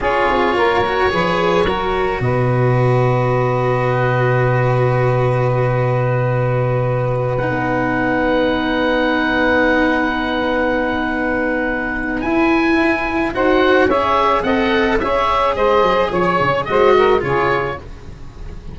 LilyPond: <<
  \new Staff \with { instrumentName = "oboe" } { \time 4/4 \tempo 4 = 108 cis''1 | dis''1~ | dis''1~ | dis''4~ dis''16 fis''2~ fis''8.~ |
fis''1~ | fis''2 gis''2 | fis''4 e''4 fis''4 e''4 | dis''4 cis''4 dis''4 cis''4 | }
  \new Staff \with { instrumentName = "saxophone" } { \time 4/4 gis'4 ais'4 b'4 ais'4 | b'1~ | b'1~ | b'1~ |
b'1~ | b'1 | c''4 cis''4 dis''4 cis''4 | c''4 cis''4 c''8 ais'8 gis'4 | }
  \new Staff \with { instrumentName = "cello" } { \time 4/4 f'4. fis'8 gis'4 fis'4~ | fis'1~ | fis'1~ | fis'4~ fis'16 dis'2~ dis'8.~ |
dis'1~ | dis'2 e'2 | fis'4 gis'4 a'4 gis'4~ | gis'2 fis'4 f'4 | }
  \new Staff \with { instrumentName = "tuba" } { \time 4/4 cis'8 c'8 ais4 f4 fis4 | b,1~ | b,1~ | b,4. b2~ b8~ |
b1~ | b2 e'2 | dis'4 cis'4 c'4 cis'4 | gis8 fis8 f8 cis8 gis4 cis4 | }
>>